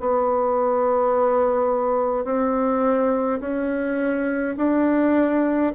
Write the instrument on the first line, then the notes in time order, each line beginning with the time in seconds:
bassoon
0.00 B3
2.25 C4
3.41 C#4
4.58 D4